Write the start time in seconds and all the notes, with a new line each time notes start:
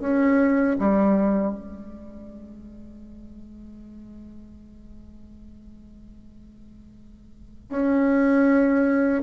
0.00 C#4
0.79 G3
1.55 G#3
7.70 C#4